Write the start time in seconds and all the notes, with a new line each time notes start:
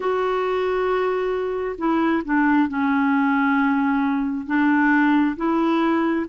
0.00 F#4
1.77 E4
2.24 D4
2.68 C#4
4.46 D4
5.36 E4